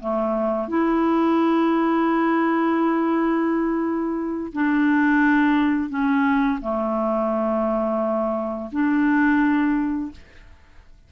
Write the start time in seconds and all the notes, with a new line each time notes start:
0.00 A3
0.68 E4
4.53 D4
5.90 C#4
6.61 A3
8.72 D4